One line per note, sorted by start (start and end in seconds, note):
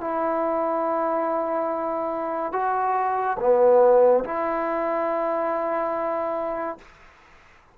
0.00 2.52 E4
2.52 3.37 F#4
3.40 4.24 B3
4.24 6.78 E4